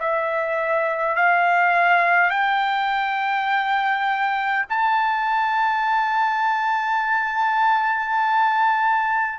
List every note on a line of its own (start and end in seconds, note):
0.00 1.16 E5
1.16 2.30 F5
2.30 4.66 G5
4.70 9.39 A5